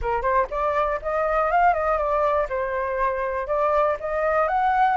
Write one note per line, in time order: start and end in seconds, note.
0.01 0.22 A#4
0.22 0.47 C5
0.50 1.00 D5
1.02 1.51 D#5
1.51 1.73 F5
1.73 1.97 D#5
1.97 2.47 D5
2.49 3.47 C5
3.47 3.96 D5
4.00 4.47 D#5
4.47 4.97 F#5